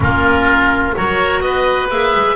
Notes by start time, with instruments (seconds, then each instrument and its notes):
0.00 double bass A#3, clarinet C#4, oboe F4 A#4
0.95 double bass F#3, clarinet F#4, oboe A#4 C#5
1.40 double bass B3, oboe B4 D#5
1.89 double bass A#3, clarinet G#4, oboe E5
2.15 double bass G#3